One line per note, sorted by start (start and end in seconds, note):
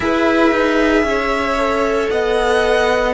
0.00 0.52 E4
0.00 1.57 G#4
0.00 1.05 B4
0.00 2.09 E5
0.52 1.03 D#4
1.03 2.08 C#4
1.03 2.11 C#5
1.57 3.13 A4
2.09 3.13 B3
2.09 3.13 D#5
2.09 3.13 F#5